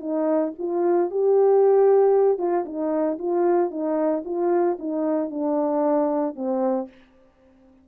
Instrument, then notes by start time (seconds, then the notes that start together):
horn
0.00 D#4
0.59 F4
1.11 G4
2.38 F4
2.65 D#4
3.19 F4
3.71 D#4
4.25 F4
4.79 D#4
5.30 D4
6.35 C4